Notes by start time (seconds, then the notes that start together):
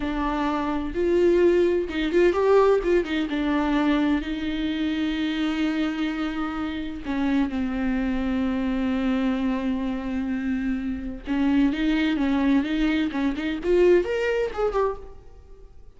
0.00 D4
0.94 F4
1.89 D#4
2.12 F4
2.32 G4
2.83 F4
3.04 D#4
3.29 D4
4.21 D#4
7.05 C#4
7.49 C4
11.27 C#4
11.72 D#4
12.16 C#4
12.63 D#4
13.11 C#4
13.36 D#4
13.63 F4
14.04 A#4
14.53 G#4
14.72 G4